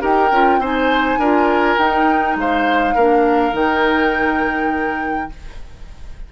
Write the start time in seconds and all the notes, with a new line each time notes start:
0.00 D#4 G4 A#4 G5
0.31 C#4 F4
0.58 C4 D#4 C5 G#5
1.18 D4 F4 A#4
1.78 D#4 G5
2.36 G#3 C5 F5
2.95 A#3 D4 A#4
3.52 D#3 D#4 G5